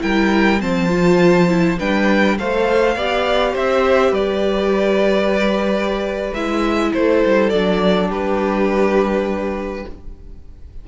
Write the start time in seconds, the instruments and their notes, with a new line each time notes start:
0.00 cello G3, viola E4, violin A#4 G5
0.60 cello F3, viola C4, violin C5 A5
0.89 viola F4
1.48 viola E4
1.79 cello G3, viola D4, violin B4 G5
2.38 cello A3, viola A4, violin C5 F5
2.95 cello B3, viola G4, violin D5
3.52 cello C4, violin C5 E5
4.11 cello G3, violin B4 D5
6.33 cello G#3, viola E4, violin E5
6.93 cello A3, violin A4 C5
7.25 cello G3
7.49 cello F#3, viola D4, violin D5
8.08 cello G3, violin G4 B4